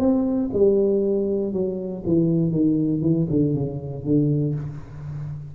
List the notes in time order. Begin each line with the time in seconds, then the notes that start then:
0.00 C4
0.53 G3
1.54 F#3
2.06 E3
2.51 D#3
3.02 E3
3.30 D3
3.55 C#3
4.05 D3